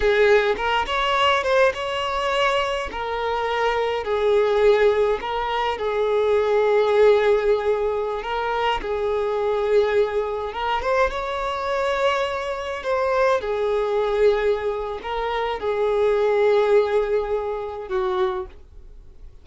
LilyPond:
\new Staff \with { instrumentName = "violin" } { \time 4/4 \tempo 4 = 104 gis'4 ais'8 cis''4 c''8 cis''4~ | cis''4 ais'2 gis'4~ | gis'4 ais'4 gis'2~ | gis'2~ gis'16 ais'4 gis'8.~ |
gis'2~ gis'16 ais'8 c''8 cis''8.~ | cis''2~ cis''16 c''4 gis'8.~ | gis'2 ais'4 gis'4~ | gis'2. fis'4 | }